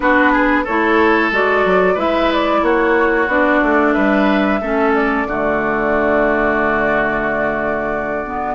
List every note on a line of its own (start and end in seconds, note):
0.00 0.66 B3
0.00 0.65 D4
0.00 0.32 F#4
0.00 0.64 B4
0.32 0.63 G#4
0.63 1.31 A3
0.63 1.32 E4
0.63 1.94 A4
0.63 1.31 C#5
1.31 1.64 G#3
1.31 1.96 F#4
1.31 1.99 D5
1.65 1.95 F#3
1.94 2.61 G#3
1.94 3.28 E4
1.94 2.60 B4
1.94 2.32 E5
2.32 2.63 D5
2.62 3.27 A#3
2.62 3.93 F#4
2.62 3.29 C#5
3.27 3.60 B3
3.27 4.61 D4
3.27 3.93 D5
3.62 3.95 A3
3.93 4.61 G3
3.93 4.59 B4
3.93 4.92 E5
4.61 5.26 A3
4.61 5.28 C#4
4.61 5.27 A4
4.94 8.54 D5
5.26 8.54 D3
5.26 8.25 A3
5.26 8.54 F#4
8.25 8.54 B3